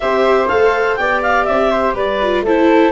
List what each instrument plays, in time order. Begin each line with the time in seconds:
0.00 tuba C4, viola G4, flute C5, clarinet E5
0.47 tuba A3, viola A4, clarinet F5
0.96 tuba B3, viola G4, flute D5, clarinet G5
1.22 clarinet F5
1.44 tuba C4, clarinet E5
1.70 flute C5
1.93 tuba G3, flute B4, clarinet D5
2.22 viola F4
2.41 tuba A3, viola E4, flute A4, clarinet C5